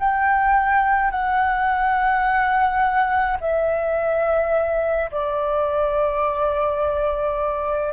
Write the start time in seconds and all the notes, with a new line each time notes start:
0.00 G5
1.11 F#5
3.41 E5
5.11 D5